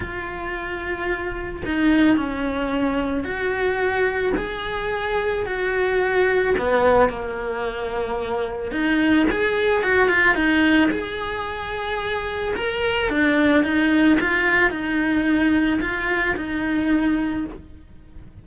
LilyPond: \new Staff \with { instrumentName = "cello" } { \time 4/4 \tempo 4 = 110 f'2. dis'4 | cis'2 fis'2 | gis'2 fis'2 | b4 ais2. |
dis'4 gis'4 fis'8 f'8 dis'4 | gis'2. ais'4 | d'4 dis'4 f'4 dis'4~ | dis'4 f'4 dis'2 | }